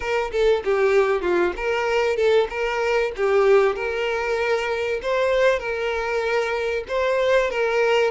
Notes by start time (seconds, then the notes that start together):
0.00 A#4
0.32 A4
0.64 G4
1.21 F4
1.56 A#4
2.16 A4
2.49 A#4
3.16 G4
3.75 A#4
5.02 C5
5.59 A#4
6.88 C5
7.50 A#4